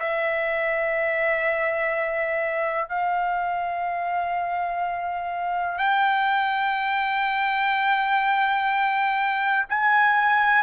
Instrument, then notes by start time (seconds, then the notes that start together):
trumpet
0.00 E5
2.89 F5
5.78 G5
9.70 G#5